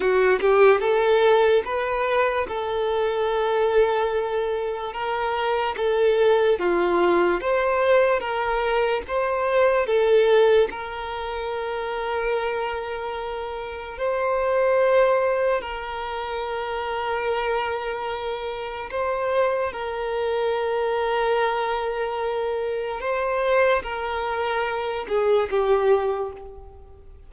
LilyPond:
\new Staff \with { instrumentName = "violin" } { \time 4/4 \tempo 4 = 73 fis'8 g'8 a'4 b'4 a'4~ | a'2 ais'4 a'4 | f'4 c''4 ais'4 c''4 | a'4 ais'2.~ |
ais'4 c''2 ais'4~ | ais'2. c''4 | ais'1 | c''4 ais'4. gis'8 g'4 | }